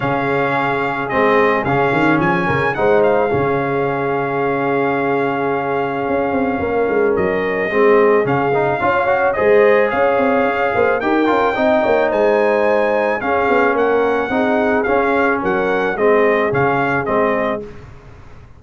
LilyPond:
<<
  \new Staff \with { instrumentName = "trumpet" } { \time 4/4 \tempo 4 = 109 f''2 dis''4 f''4 | gis''4 fis''8 f''2~ f''8~ | f''1~ | f''4 dis''2 f''4~ |
f''4 dis''4 f''2 | g''2 gis''2 | f''4 fis''2 f''4 | fis''4 dis''4 f''4 dis''4 | }
  \new Staff \with { instrumentName = "horn" } { \time 4/4 gis'1~ | gis'8 ais'8 c''4 gis'2~ | gis'1 | ais'2 gis'2 |
cis''4 c''4 cis''4. c''8 | ais'4 dis''8 cis''8 c''2 | gis'4 ais'4 gis'2 | ais'4 gis'2. | }
  \new Staff \with { instrumentName = "trombone" } { \time 4/4 cis'2 c'4 cis'4~ | cis'4 dis'4 cis'2~ | cis'1~ | cis'2 c'4 cis'8 dis'8 |
f'8 fis'8 gis'2. | g'8 f'8 dis'2. | cis'2 dis'4 cis'4~ | cis'4 c'4 cis'4 c'4 | }
  \new Staff \with { instrumentName = "tuba" } { \time 4/4 cis2 gis4 cis8 dis8 | f8 cis8 gis4 cis2~ | cis2. cis'8 c'8 | ais8 gis8 fis4 gis4 cis4 |
cis'4 gis4 cis'8 c'8 cis'8 ais8 | dis'8 cis'8 c'8 ais8 gis2 | cis'8 b8 ais4 c'4 cis'4 | fis4 gis4 cis4 gis4 | }
>>